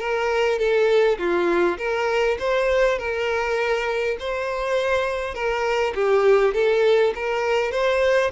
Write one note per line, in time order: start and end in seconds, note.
0.00 0.59 A#4
0.59 1.19 A4
1.19 1.78 F4
1.78 2.38 A#4
2.40 2.99 C5
2.99 4.17 A#4
4.20 5.35 C5
5.35 5.94 A#4
5.95 6.54 G4
6.54 7.14 A4
7.16 7.72 A#4
7.72 8.31 C5